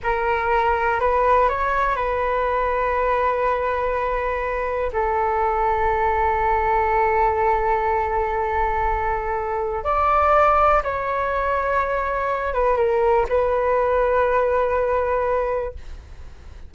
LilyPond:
\new Staff \with { instrumentName = "flute" } { \time 4/4 \tempo 4 = 122 ais'2 b'4 cis''4 | b'1~ | b'2 a'2~ | a'1~ |
a'1 | d''2 cis''2~ | cis''4. b'8 ais'4 b'4~ | b'1 | }